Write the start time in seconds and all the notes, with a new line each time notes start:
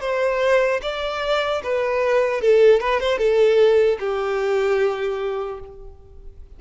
0.00 C5
0.81 D5
1.63 B4
2.41 A4
2.80 B4
3.00 C5
3.17 A4
3.99 G4